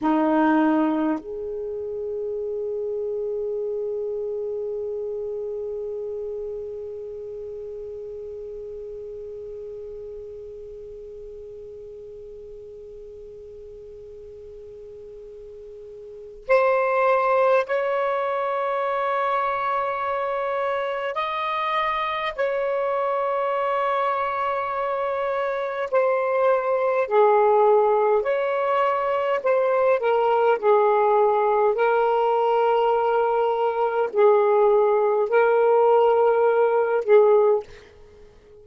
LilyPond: \new Staff \with { instrumentName = "saxophone" } { \time 4/4 \tempo 4 = 51 dis'4 gis'2.~ | gis'1~ | gis'1~ | gis'2 c''4 cis''4~ |
cis''2 dis''4 cis''4~ | cis''2 c''4 gis'4 | cis''4 c''8 ais'8 gis'4 ais'4~ | ais'4 gis'4 ais'4. gis'8 | }